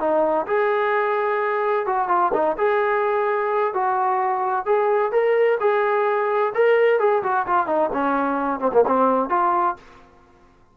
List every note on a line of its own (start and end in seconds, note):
0.00 0.47 D#4
0.47 1.86 G#4
1.86 2.09 F#4
2.09 2.32 F4
2.34 2.57 D#4
2.58 3.74 G#4
3.74 4.66 F#4
4.66 5.12 G#4
5.12 5.59 A#4
5.60 6.53 G#4
6.55 7.00 A#4
7.00 7.23 G#4
7.23 7.47 F#4
7.47 7.67 F4
7.67 7.90 D#4
7.93 8.60 C#4
8.60 8.72 C4
8.73 8.85 A#3
8.87 9.30 C4
9.30 9.76 F4